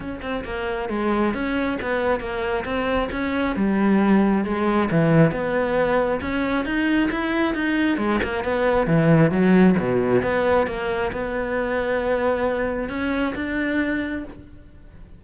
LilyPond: \new Staff \with { instrumentName = "cello" } { \time 4/4 \tempo 4 = 135 cis'8 c'8 ais4 gis4 cis'4 | b4 ais4 c'4 cis'4 | g2 gis4 e4 | b2 cis'4 dis'4 |
e'4 dis'4 gis8 ais8 b4 | e4 fis4 b,4 b4 | ais4 b2.~ | b4 cis'4 d'2 | }